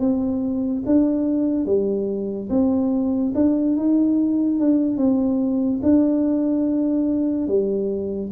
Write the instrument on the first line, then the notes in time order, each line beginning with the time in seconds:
tuba
0.00 C4
0.86 D4
1.66 G3
2.50 C4
3.35 D4
3.77 D#4
4.60 D4
4.97 C4
5.83 D4
7.48 G3